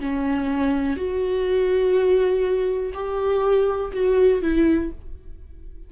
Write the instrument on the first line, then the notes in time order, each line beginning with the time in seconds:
viola
0.00 C#4
0.97 F#4
2.94 G4
3.93 F#4
4.42 E4